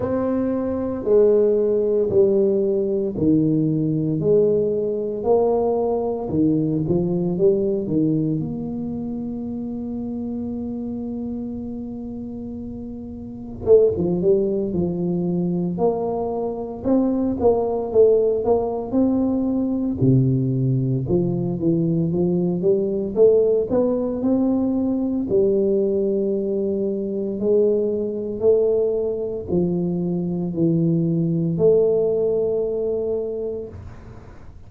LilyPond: \new Staff \with { instrumentName = "tuba" } { \time 4/4 \tempo 4 = 57 c'4 gis4 g4 dis4 | gis4 ais4 dis8 f8 g8 dis8 | ais1~ | ais4 a16 f16 g8 f4 ais4 |
c'8 ais8 a8 ais8 c'4 c4 | f8 e8 f8 g8 a8 b8 c'4 | g2 gis4 a4 | f4 e4 a2 | }